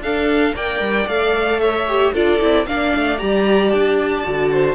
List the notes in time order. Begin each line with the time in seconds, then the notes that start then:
0.00 D4 A4 F5
0.55 A#3 A#4 D5 G5
0.80 G3
1.06 A3 A4 F5
1.59 C#5 E5
1.87 G4
2.13 D4 F4 A4 D5
2.40 C4 E4
2.66 A#3 D4 D5 F5
2.95 A3
3.18 G3 G4 A#5
3.70 D4 A5
4.23 D3 F#4
4.52 C5